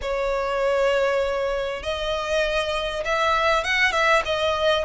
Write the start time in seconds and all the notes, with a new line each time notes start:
0.01 C#5
1.82 D#5
3.04 E5
3.64 F#5
3.92 E5
4.25 D#5